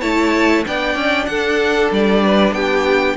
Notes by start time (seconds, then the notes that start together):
0.00 A3 E4 C#5 A5
0.65 B3 D4 D5 G5
0.95 C#4
1.25 D4 A4 F#5
1.91 G3 D5
2.24 B4
2.51 B3 G4 G5